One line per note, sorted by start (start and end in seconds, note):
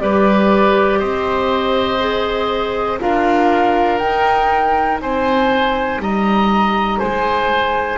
0.00 1.00 G3
0.00 2.00 G4
0.00 0.99 B4
0.00 0.99 D5
0.99 3.00 C4
0.99 2.99 C5
0.99 2.99 D#5
2.00 3.00 G#4
3.00 4.01 D4
3.00 4.00 F4
3.00 5.02 A#4
3.00 3.98 F5
3.98 7.98 D#4
3.98 5.01 D#4
3.98 4.98 G5
5.01 5.98 C4
5.01 6.02 C5
5.01 6.01 G#5
5.98 6.98 G3
5.98 6.99 D#5
5.98 7.00 A#5
6.99 7.98 G#3
6.99 7.98 C5
6.99 7.98 G#5